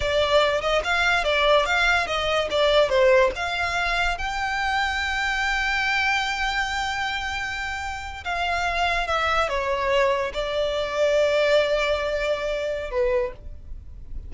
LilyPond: \new Staff \with { instrumentName = "violin" } { \time 4/4 \tempo 4 = 144 d''4. dis''8 f''4 d''4 | f''4 dis''4 d''4 c''4 | f''2 g''2~ | g''1~ |
g''2.~ g''8. f''16~ | f''4.~ f''16 e''4 cis''4~ cis''16~ | cis''8. d''2.~ d''16~ | d''2. b'4 | }